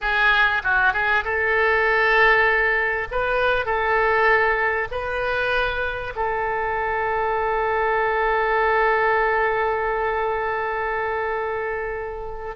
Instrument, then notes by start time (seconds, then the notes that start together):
oboe
0.01 G#4
0.63 F#4
0.93 G#4
1.24 A4
3.11 B4
3.65 A4
4.91 B4
6.15 A4